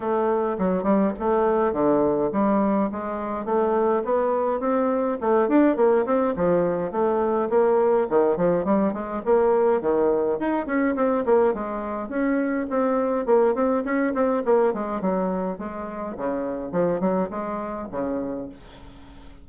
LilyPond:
\new Staff \with { instrumentName = "bassoon" } { \time 4/4 \tempo 4 = 104 a4 fis8 g8 a4 d4 | g4 gis4 a4 b4 | c'4 a8 d'8 ais8 c'8 f4 | a4 ais4 dis8 f8 g8 gis8 |
ais4 dis4 dis'8 cis'8 c'8 ais8 | gis4 cis'4 c'4 ais8 c'8 | cis'8 c'8 ais8 gis8 fis4 gis4 | cis4 f8 fis8 gis4 cis4 | }